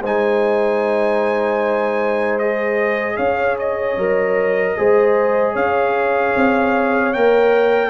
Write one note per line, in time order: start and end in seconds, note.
0.00 3.17 G#3
0.00 2.40 D#4
0.00 3.16 C5
0.00 2.39 G#5
2.39 3.98 G#4
2.39 3.17 D#5
3.16 3.97 C#4
3.16 4.74 C#5
3.16 3.57 F5
3.59 5.56 D#5
3.97 4.76 F#3
3.97 4.77 A#4
4.77 5.55 G#3
4.77 7.14 G#4
4.77 5.53 C5
5.53 6.34 C#4
5.53 7.90 C#5
5.53 7.13 F5
6.36 7.15 C4
7.13 7.90 A#3
7.13 7.90 A#4
7.13 7.90 G5